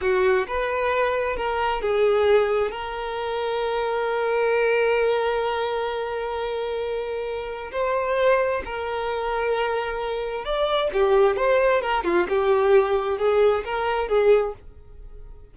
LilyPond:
\new Staff \with { instrumentName = "violin" } { \time 4/4 \tempo 4 = 132 fis'4 b'2 ais'4 | gis'2 ais'2~ | ais'1~ | ais'1~ |
ais'4 c''2 ais'4~ | ais'2. d''4 | g'4 c''4 ais'8 f'8 g'4~ | g'4 gis'4 ais'4 gis'4 | }